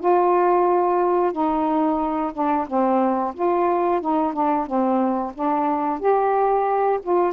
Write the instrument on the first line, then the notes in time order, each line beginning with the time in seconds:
saxophone
0.00 F4
1.32 D#4
2.34 D4
2.67 C4
3.35 F4
4.01 D#4
4.33 D4
4.66 C4
5.35 D4
6.00 G4
7.03 F4